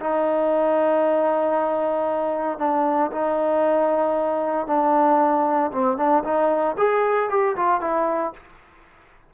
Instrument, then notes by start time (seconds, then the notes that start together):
trombone
0.00 D#4
2.58 D4
3.12 D#4
4.67 D4
5.72 C4
5.97 D4
6.24 D#4
6.78 G#4
7.29 G4
7.56 F4
7.81 E4